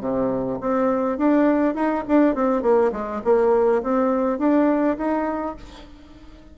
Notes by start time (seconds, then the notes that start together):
0.00 C3
0.60 C4
1.17 D4
1.74 D#4
2.08 D4
2.35 C4
2.62 A#3
2.92 G#3
3.24 A#3
3.82 C4
4.38 D4
4.97 D#4